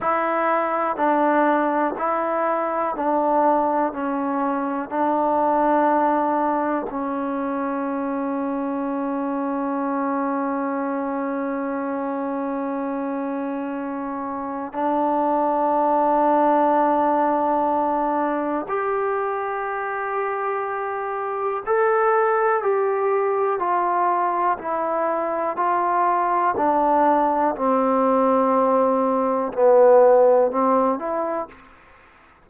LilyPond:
\new Staff \with { instrumentName = "trombone" } { \time 4/4 \tempo 4 = 61 e'4 d'4 e'4 d'4 | cis'4 d'2 cis'4~ | cis'1~ | cis'2. d'4~ |
d'2. g'4~ | g'2 a'4 g'4 | f'4 e'4 f'4 d'4 | c'2 b4 c'8 e'8 | }